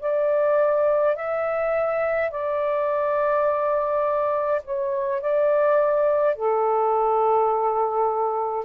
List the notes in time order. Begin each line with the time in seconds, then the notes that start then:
0.00 D5
1.15 E5
2.30 D5
4.64 C#5
5.21 D5
6.36 A4